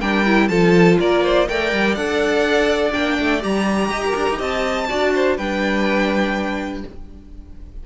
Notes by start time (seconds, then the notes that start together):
0.00 G3 D4 A#4 G5
0.25 E4
0.48 F3 F4 A4 A5
0.99 A#3 A#4 D5
1.23 C5
1.48 A3 A#4 D5 G5
1.72 G3
1.95 D4 A4 F#5
2.92 A#3 D4 G5
3.19 A3
3.41 G3 G4 A#5
3.90 G4 D#5
4.06 A#4
4.16 D4
4.29 D#4
4.38 C4 D#5 A5
4.89 D4 F#4 D5
5.15 C5
5.37 G3 D4 B4 G5